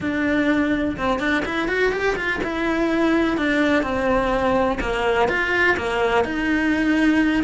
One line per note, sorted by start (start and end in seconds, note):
0.00 0.96 D4
0.97 1.19 C4
1.19 1.43 D4
1.45 1.68 E4
1.68 1.91 F#4
1.91 2.15 G4
2.16 2.40 F4
2.43 3.37 E4
3.37 3.82 D4
3.82 4.78 C4
4.80 5.28 A#3
5.28 5.76 F4
5.77 6.24 A#3
6.24 7.43 D#4